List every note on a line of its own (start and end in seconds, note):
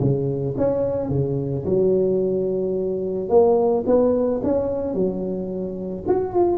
0.00 0.55 C#3
0.57 1.09 C#4
1.09 1.64 C#3
1.65 3.29 F#3
3.29 3.84 A#3
3.86 4.41 B3
4.43 4.94 C#4
4.94 6.04 F#3
6.08 6.34 F#4
6.34 6.58 F4